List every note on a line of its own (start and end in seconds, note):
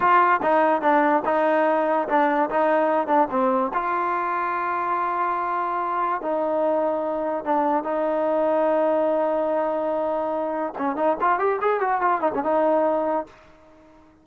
0.00 0.40 F4
0.42 0.81 D#4
0.81 1.23 D4
1.25 2.07 D#4
2.08 2.49 D4
2.49 3.07 D#4
3.07 3.28 D4
3.30 3.71 C4
3.73 6.21 F4
6.21 7.44 D#4
7.44 7.83 D4
7.83 10.73 D#4
10.78 10.96 C#4
10.96 11.16 D#4
11.20 11.39 F4
11.39 11.59 G4
11.61 11.80 G#4
11.80 12.01 F#4
12.01 12.20 F4
12.20 12.31 D#4
12.34 12.43 C#4
12.43 13.26 D#4